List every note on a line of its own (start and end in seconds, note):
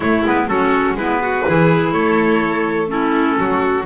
0.00 0.23 A3
0.00 0.25 A3
0.00 0.48 E4
0.00 0.25 C#5
0.25 0.47 G#3
0.25 0.49 B3
0.25 0.48 B4
0.47 0.93 F#3
0.47 0.98 C#4
0.47 0.97 F#4
0.47 0.97 A4
0.93 1.42 G#3
0.93 1.46 B3
0.93 1.22 E4
0.93 1.91 B4
1.22 1.46 F#4
1.46 1.92 E3
1.46 2.87 E4
1.46 1.93 G#4
1.91 3.37 A3
1.91 2.90 A4
1.91 2.88 C#5
2.87 3.84 C#4
2.87 3.38 E4
2.87 3.86 A4
3.38 3.86 F#3
3.38 3.86 F#4